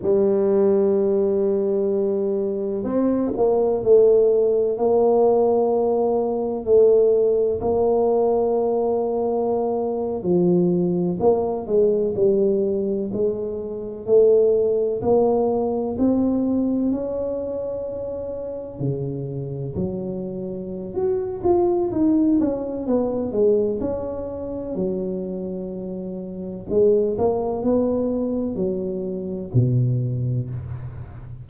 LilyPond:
\new Staff \with { instrumentName = "tuba" } { \time 4/4 \tempo 4 = 63 g2. c'8 ais8 | a4 ais2 a4 | ais2~ ais8. f4 ais16~ | ais16 gis8 g4 gis4 a4 ais16~ |
ais8. c'4 cis'2 cis16~ | cis8. fis4~ fis16 fis'8 f'8 dis'8 cis'8 | b8 gis8 cis'4 fis2 | gis8 ais8 b4 fis4 b,4 | }